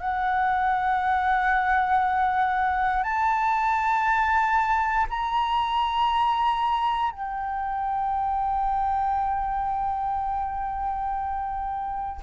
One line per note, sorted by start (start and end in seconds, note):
0.00 3.03 F#5
3.03 5.06 A5
5.09 7.11 A#5
7.11 12.20 G5